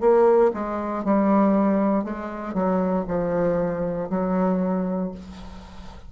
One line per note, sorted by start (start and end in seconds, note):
0.00 0.51 A#3
0.53 1.04 G#3
1.04 2.04 G3
2.04 2.54 G#3
2.54 3.05 F#3
3.07 4.09 F3
4.10 5.11 F#3